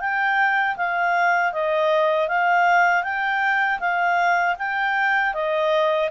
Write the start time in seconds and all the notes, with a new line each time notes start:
0.00 G5
0.76 F5
1.52 D#5
2.28 F5
3.03 G5
3.79 F5
4.58 G5
5.33 D#5